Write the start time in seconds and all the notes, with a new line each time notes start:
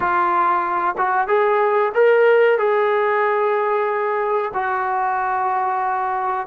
0.00 F4
0.97 F#4
1.27 G#4
1.94 A#4
2.58 G#4
4.53 F#4